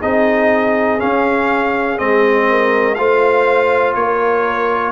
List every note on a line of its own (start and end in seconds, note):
0.00 1.02 C4
0.00 0.99 D#4
0.00 2.46 G#4
0.00 1.00 D#5
0.99 1.98 C#4
0.99 2.00 C#4
0.99 1.98 F5
1.98 2.98 G#3
1.98 2.96 C4
1.98 2.95 D#5
2.50 2.98 A#4
2.95 3.95 A3
2.95 4.92 F4
2.95 3.96 C5
2.95 3.93 F5
3.95 4.92 A#3
3.95 4.92 A#4
3.95 4.92 C#5